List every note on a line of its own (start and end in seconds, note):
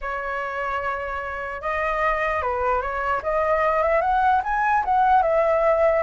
0.01 1.61 C#5
1.61 2.42 D#5
2.42 2.81 B4
2.81 3.21 C#5
3.22 3.83 D#5
3.83 4.01 E5
4.01 4.41 F#5
4.43 4.84 G#5
4.84 5.22 F#5
5.22 6.03 E5